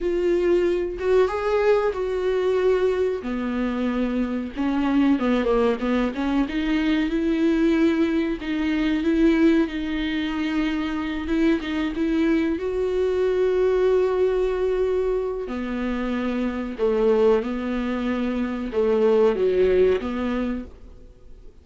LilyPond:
\new Staff \with { instrumentName = "viola" } { \time 4/4 \tempo 4 = 93 f'4. fis'8 gis'4 fis'4~ | fis'4 b2 cis'4 | b8 ais8 b8 cis'8 dis'4 e'4~ | e'4 dis'4 e'4 dis'4~ |
dis'4. e'8 dis'8 e'4 fis'8~ | fis'1 | b2 a4 b4~ | b4 a4 fis4 b4 | }